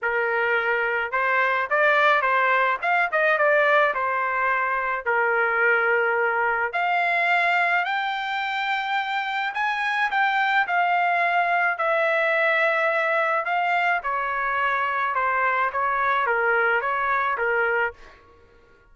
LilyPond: \new Staff \with { instrumentName = "trumpet" } { \time 4/4 \tempo 4 = 107 ais'2 c''4 d''4 | c''4 f''8 dis''8 d''4 c''4~ | c''4 ais'2. | f''2 g''2~ |
g''4 gis''4 g''4 f''4~ | f''4 e''2. | f''4 cis''2 c''4 | cis''4 ais'4 cis''4 ais'4 | }